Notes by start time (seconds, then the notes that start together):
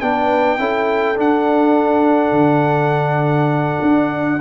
0.00 B3 D4 B4 G5
0.58 C#4 E4 A4
1.15 D4 F#5
2.31 D3
3.81 D4